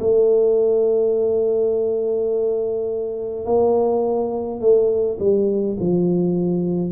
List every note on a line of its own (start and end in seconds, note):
0.00 3.45 A3
3.45 4.60 A#3
4.60 5.18 A3
5.20 5.77 G3
5.80 6.92 F3